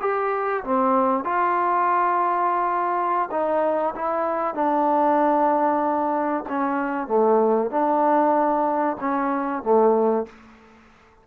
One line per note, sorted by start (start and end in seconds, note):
0.00 0.63 G4
0.63 1.24 C4
1.24 3.29 F4
3.31 3.94 D#4
3.95 4.54 E4
4.54 6.44 D4
6.49 7.07 C#4
7.07 7.70 A3
7.70 8.97 D4
9.00 9.63 C#4
9.63 10.26 A3